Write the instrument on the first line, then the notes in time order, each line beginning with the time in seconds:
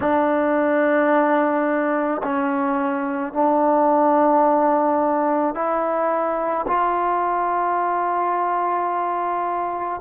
trombone
0.00 D4
2.23 C#4
3.33 D4
5.55 E4
6.67 F4